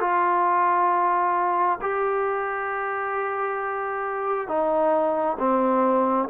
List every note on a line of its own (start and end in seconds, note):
0.00 1.79 F4
1.82 4.47 G4
4.47 5.37 D#4
5.39 6.28 C4